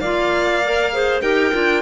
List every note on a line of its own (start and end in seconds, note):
0.00 1.22 A#3
0.00 0.64 F4
0.00 0.92 D5
0.00 1.21 F5
0.64 0.93 A#4
0.93 1.23 G#4
0.93 1.23 C5
1.22 1.52 D#4
1.22 1.53 G4
1.22 1.83 A#4
1.22 1.83 G5
1.53 1.83 D4
1.53 1.83 F4